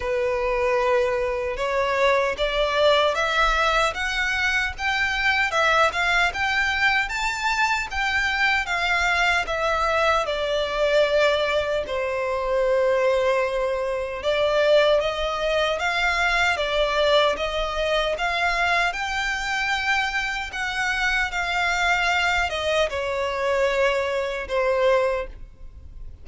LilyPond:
\new Staff \with { instrumentName = "violin" } { \time 4/4 \tempo 4 = 76 b'2 cis''4 d''4 | e''4 fis''4 g''4 e''8 f''8 | g''4 a''4 g''4 f''4 | e''4 d''2 c''4~ |
c''2 d''4 dis''4 | f''4 d''4 dis''4 f''4 | g''2 fis''4 f''4~ | f''8 dis''8 cis''2 c''4 | }